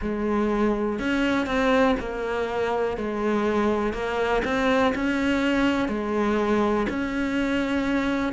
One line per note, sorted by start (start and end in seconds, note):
0.01 0.99 G#3
0.99 1.46 C#4
1.46 1.95 C4
1.99 2.97 A#3
2.97 3.93 G#3
3.93 4.42 A#3
4.44 4.93 C4
4.94 5.88 C#4
5.88 6.86 G#3
6.89 8.32 C#4